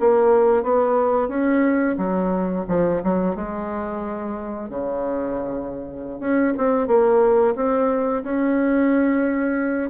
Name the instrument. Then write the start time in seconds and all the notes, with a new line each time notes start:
bassoon
0.00 A#3
0.63 B3
1.28 C#4
1.98 F#3
2.68 F3
3.03 F#3
3.36 G#3
4.69 C#3
6.20 C#4
6.57 C4
6.87 A#3
7.56 C4
8.23 C#4